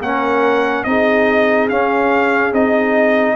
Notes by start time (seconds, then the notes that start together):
0.00 A#3 C#4 A#4 F#5
0.84 C4 D#4 G#4 D#5
1.69 C#4 F5
2.52 C4 D#4 D#5